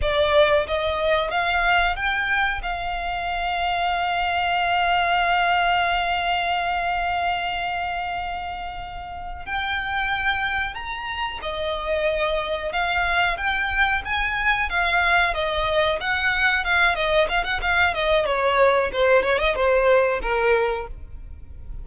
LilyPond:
\new Staff \with { instrumentName = "violin" } { \time 4/4 \tempo 4 = 92 d''4 dis''4 f''4 g''4 | f''1~ | f''1~ | f''2~ f''8 g''4.~ |
g''8 ais''4 dis''2 f''8~ | f''8 g''4 gis''4 f''4 dis''8~ | dis''8 fis''4 f''8 dis''8 f''16 fis''16 f''8 dis''8 | cis''4 c''8 cis''16 dis''16 c''4 ais'4 | }